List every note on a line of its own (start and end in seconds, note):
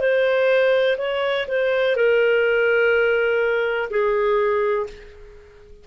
0.00 0.97 C5
0.98 1.46 C#5
1.48 1.96 C5
1.96 3.89 A#4
3.90 4.87 G#4